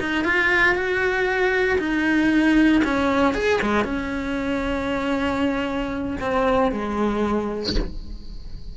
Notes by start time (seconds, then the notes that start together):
0.00 D#4
0.24 F4
0.75 F#4
1.78 D#4
2.84 C#4
3.34 G#4
3.62 G#3
3.84 C#4
6.20 C4
6.72 G#3